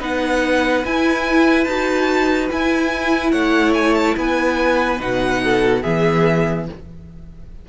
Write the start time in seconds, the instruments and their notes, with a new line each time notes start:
0.00 cello B3, viola D#4, violin B4 F#5
0.84 cello E4, viola E4, violin G#5
1.64 cello D#4, viola F#4, violin A5
2.51 viola E4, cello E4, violin G#5
3.32 cello A3, violin C#5 F#5
3.74 violin G#5
3.94 violin A5
4.16 cello B3, violin B4 G#5
4.98 cello B2, viola D#4, violin F#5
5.44 violin A4
5.82 cello E3, viola B3, violin G#4 E5